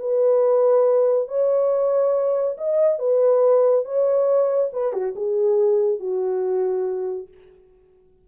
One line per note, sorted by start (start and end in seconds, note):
0.00 1.28 B4
1.28 2.57 C#5
2.58 2.99 D#5
2.99 3.85 B4
3.85 4.71 C#5
4.73 4.93 B4
4.93 5.14 F#4
5.16 6.00 G#4
6.00 7.28 F#4